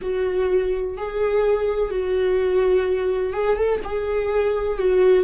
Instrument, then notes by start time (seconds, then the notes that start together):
viola
0.01 F#4
0.97 G#4
1.90 F#4
3.33 G#4
3.56 A4
3.84 G#4
4.77 F#4